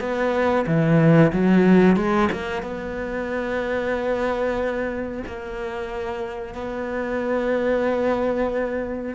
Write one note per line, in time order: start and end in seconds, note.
0.00 0.65 B3
0.67 1.32 E3
1.32 1.96 F#3
1.96 2.29 G#3
2.32 2.62 A#3
2.62 5.23 B3
5.27 6.55 A#3
6.55 9.15 B3